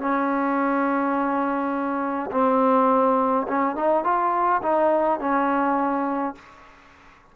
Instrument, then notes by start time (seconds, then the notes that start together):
trombone
0.00 C#4
2.31 C4
3.47 C#4
3.76 D#4
4.04 F4
4.63 D#4
5.20 C#4